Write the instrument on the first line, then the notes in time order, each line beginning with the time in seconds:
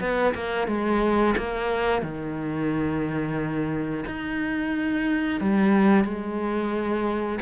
cello
0.00 B3
0.34 A#3
0.67 G#3
1.37 A#3
2.02 D#3
4.06 D#4
5.41 G3
6.04 G#3